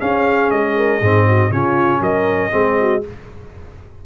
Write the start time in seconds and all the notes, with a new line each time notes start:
0.00 C#4 G#4 F5
0.50 G#3 D#5
0.76 A#4
1.00 G#2 C4 G#4
1.26 F#4
1.50 C#3 C#4 F4 C#5
2.00 F#3 A#4 D#5
2.50 G#3 C4 G#4
2.80 F#4